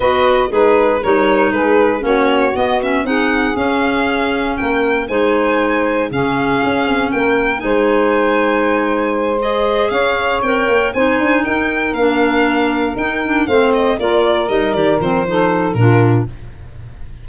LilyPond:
<<
  \new Staff \with { instrumentName = "violin" } { \time 4/4 \tempo 4 = 118 dis''4 b'4 cis''4 b'4 | cis''4 dis''8 e''8 fis''4 f''4~ | f''4 g''4 gis''2 | f''2 g''4 gis''4~ |
gis''2~ gis''8 dis''4 f''8~ | f''8 g''4 gis''4 g''4 f''8~ | f''4. g''4 f''8 dis''8 d''8~ | d''8 dis''8 d''8 c''4. ais'4 | }
  \new Staff \with { instrumentName = "saxophone" } { \time 4/4 b'4 dis'4 ais'4 gis'4 | fis'2 gis'2~ | gis'4 ais'4 c''2 | gis'2 ais'4 c''4~ |
c''2.~ c''8 cis''8~ | cis''4. c''4 ais'4.~ | ais'2~ ais'8 c''4 ais'8~ | ais'2 a'4 f'4 | }
  \new Staff \with { instrumentName = "clarinet" } { \time 4/4 fis'4 gis'4 dis'2 | cis'4 b8 cis'8 dis'4 cis'4~ | cis'2 dis'2 | cis'2. dis'4~ |
dis'2~ dis'8 gis'4.~ | gis'8 ais'4 dis'2 d'8~ | d'4. dis'8 d'8 c'4 f'8~ | f'8 dis'8 g'8 c'8 dis'4 d'4 | }
  \new Staff \with { instrumentName = "tuba" } { \time 4/4 b4 gis4 g4 gis4 | ais4 b4 c'4 cis'4~ | cis'4 ais4 gis2 | cis4 cis'8 c'8 ais4 gis4~ |
gis2.~ gis8 cis'8~ | cis'8 c'8 ais8 c'8 d'8 dis'4 ais8~ | ais4. dis'4 a4 ais8~ | ais8 g8 dis8 f4. ais,4 | }
>>